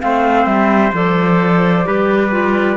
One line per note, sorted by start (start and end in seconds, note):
0.00 0.46 A3
0.00 0.92 C4
0.00 1.87 C5
0.00 0.46 F5
0.46 0.92 G3
0.46 0.92 E5
0.93 1.86 F3
0.93 1.85 A4
0.93 2.77 D5
1.85 2.77 G3
1.85 2.31 G4
1.85 2.77 B4
2.32 2.77 F4